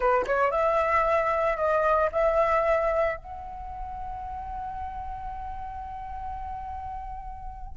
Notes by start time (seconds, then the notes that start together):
0.00 B4
0.26 C#5
0.51 E5
1.56 D#5
2.11 E5
3.16 F#5